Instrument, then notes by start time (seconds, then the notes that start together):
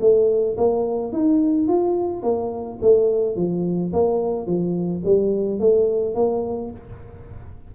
tuba
0.00 A3
0.57 A#3
1.12 D#4
1.68 F4
2.23 A#3
2.81 A3
3.36 F3
3.93 A#3
4.46 F3
5.04 G3
5.59 A3
6.15 A#3